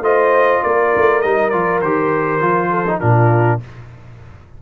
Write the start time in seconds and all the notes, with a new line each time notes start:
0.00 A3 F4 C5 D#5
0.63 A#3 A#4 D5
0.96 A3
1.21 G3 D#4 D#5
1.49 F3 F4 D5
1.81 D#3 G4 C5
2.40 F3 F4
2.70 A4
2.87 D#4
2.99 A#2 D4 F4 A#4